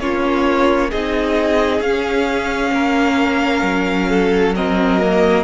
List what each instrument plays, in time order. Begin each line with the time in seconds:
0.00 cello A#3, viola C#4, violin F4 C#5
0.90 cello C4, viola D#4, violin G#4 D#5
1.81 cello C#4, viola C#4, violin F5
2.71 cello A#3, violin A#4
3.62 cello F#3
4.10 violin A4
4.55 viola C4, violin A#4 D#5
5.00 viola A#3